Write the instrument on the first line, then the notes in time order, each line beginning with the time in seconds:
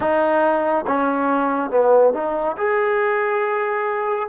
trombone
0.00 D#4
0.86 C#4
1.70 B3
2.13 D#4
2.57 G#4